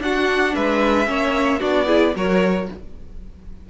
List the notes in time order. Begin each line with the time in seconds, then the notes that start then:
0.00 D4 F#4 F#5
0.55 G#3 B4 E5
1.06 A#3 C#4 C#5
1.60 B3 D4 F#4 D5
1.87 E4 G#4
2.16 F#3 F#4 A#4 C#5